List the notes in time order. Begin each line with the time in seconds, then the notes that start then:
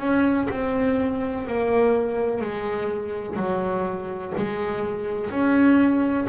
0.00 C#4
0.51 C4
1.47 A#3
2.41 G#3
3.37 F#3
4.37 G#3
5.31 C#4